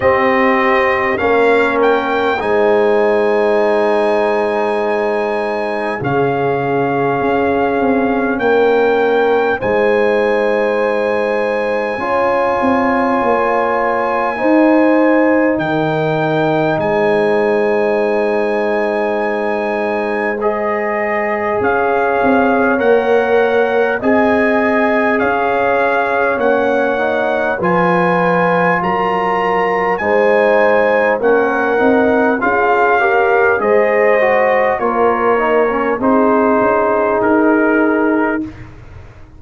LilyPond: <<
  \new Staff \with { instrumentName = "trumpet" } { \time 4/4 \tempo 4 = 50 dis''4 f''8 g''8 gis''2~ | gis''4 f''2 g''4 | gis''1~ | gis''4 g''4 gis''2~ |
gis''4 dis''4 f''4 fis''4 | gis''4 f''4 fis''4 gis''4 | ais''4 gis''4 fis''4 f''4 | dis''4 cis''4 c''4 ais'4 | }
  \new Staff \with { instrumentName = "horn" } { \time 4/4 g'4 ais'4 c''2~ | c''4 gis'2 ais'4 | c''2 cis''2 | c''4 ais'4 c''2~ |
c''2 cis''2 | dis''4 cis''2 b'4 | ais'4 c''4 ais'4 gis'8 ais'8 | c''4 ais'4 gis'2 | }
  \new Staff \with { instrumentName = "trombone" } { \time 4/4 c'4 cis'4 dis'2~ | dis'4 cis'2. | dis'2 f'2 | dis'1~ |
dis'4 gis'2 ais'4 | gis'2 cis'8 dis'8 f'4~ | f'4 dis'4 cis'8 dis'8 f'8 g'8 | gis'8 fis'8 f'8 dis'16 cis'16 dis'2 | }
  \new Staff \with { instrumentName = "tuba" } { \time 4/4 c'4 ais4 gis2~ | gis4 cis4 cis'8 c'8 ais4 | gis2 cis'8 c'8 ais4 | dis'4 dis4 gis2~ |
gis2 cis'8 c'8 ais4 | c'4 cis'4 ais4 f4 | fis4 gis4 ais8 c'8 cis'4 | gis4 ais4 c'8 cis'8 dis'4 | }
>>